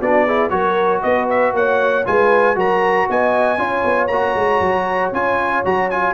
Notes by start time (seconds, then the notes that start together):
0.00 B3 D4 F#4 D5
0.26 E4 G#4
0.50 F#3 F#4 A#4 C#5
1.03 B3 B4 D#5
1.30 E5
1.53 A#3 C#5 F#5
2.06 G#3 F4 B4 G#5
2.56 F#3 F#4 A#4 A#5
3.10 B3 D#5 G#5
3.59 C#4 F4 C#5
3.85 B3
4.08 A#3 F#4 A#5
4.35 G#3
4.61 F#3
5.13 C#4 F4 G#5
5.65 F#3 F#4 A#5
5.90 F4 G#5